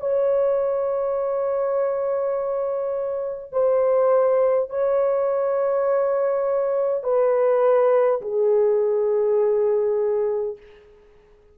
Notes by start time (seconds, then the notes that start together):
0.00 C#5
3.52 C5
4.70 C#5
7.03 B4
8.21 G#4